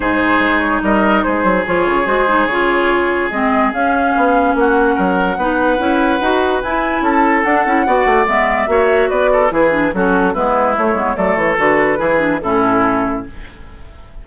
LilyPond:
<<
  \new Staff \with { instrumentName = "flute" } { \time 4/4 \tempo 4 = 145 c''4. cis''8 dis''4 c''4 | cis''4 c''4 cis''2 | dis''4 f''2 fis''4~ | fis''1 |
gis''4 a''4 fis''2 | e''2 d''4 b'4 | a'4 b'4 cis''4 d''8 cis''8 | b'2 a'2 | }
  \new Staff \with { instrumentName = "oboe" } { \time 4/4 gis'2 ais'4 gis'4~ | gis'1~ | gis'2. fis'4 | ais'4 b'2.~ |
b'4 a'2 d''4~ | d''4 cis''4 b'8 a'8 gis'4 | fis'4 e'2 a'4~ | a'4 gis'4 e'2 | }
  \new Staff \with { instrumentName = "clarinet" } { \time 4/4 dis'1 | f'4 fis'8 dis'8 f'2 | c'4 cis'2.~ | cis'4 dis'4 e'4 fis'4 |
e'2 d'8 e'8 fis'4 | b4 fis'2 e'8 d'8 | cis'4 b4 a8 b8 a4 | fis'4 e'8 d'8 cis'2 | }
  \new Staff \with { instrumentName = "bassoon" } { \time 4/4 gis,4 gis4 g4 gis8 fis8 | f8 cis8 gis4 cis2 | gis4 cis'4 b4 ais4 | fis4 b4 cis'4 dis'4 |
e'4 cis'4 d'8 cis'8 b8 a8 | gis4 ais4 b4 e4 | fis4 gis4 a8 gis8 fis8 e8 | d4 e4 a,2 | }
>>